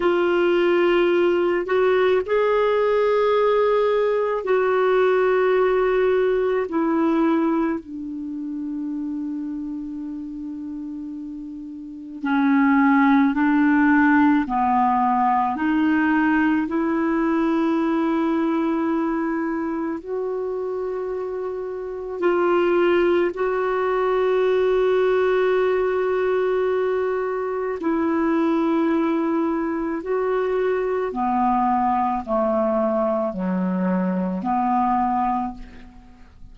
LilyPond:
\new Staff \with { instrumentName = "clarinet" } { \time 4/4 \tempo 4 = 54 f'4. fis'8 gis'2 | fis'2 e'4 d'4~ | d'2. cis'4 | d'4 b4 dis'4 e'4~ |
e'2 fis'2 | f'4 fis'2.~ | fis'4 e'2 fis'4 | b4 a4 fis4 b4 | }